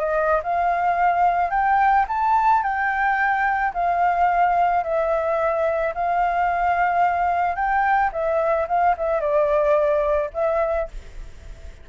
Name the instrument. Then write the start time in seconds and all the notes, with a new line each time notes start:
flute
0.00 D#5
0.44 F5
1.51 G5
2.08 A5
2.63 G5
3.74 F5
4.84 E5
5.95 F5
7.56 G5
8.13 E5
8.68 F5
8.97 E5
9.21 D5
10.34 E5